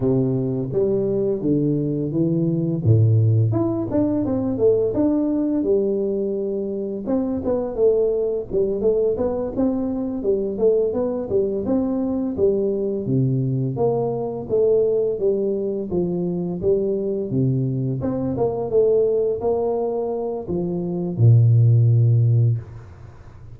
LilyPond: \new Staff \with { instrumentName = "tuba" } { \time 4/4 \tempo 4 = 85 c4 g4 d4 e4 | a,4 e'8 d'8 c'8 a8 d'4 | g2 c'8 b8 a4 | g8 a8 b8 c'4 g8 a8 b8 |
g8 c'4 g4 c4 ais8~ | ais8 a4 g4 f4 g8~ | g8 c4 c'8 ais8 a4 ais8~ | ais4 f4 ais,2 | }